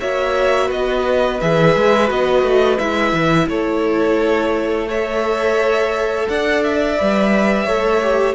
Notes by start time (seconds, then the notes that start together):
0.00 A#3 F#4 C#5 E5
0.67 B3 B4 D#5
1.40 E3 G#4 E5
1.76 G#3
2.08 B3 F#4 D#5
2.42 A3
2.78 G#3 E4 E5
3.12 E3
3.48 A3 A4 C#5
4.88 A4 C#5 E5
6.28 D4 D5 F#5
6.63 E5
6.97 G3 B4
7.65 A3 A4 C#5
8.02 G4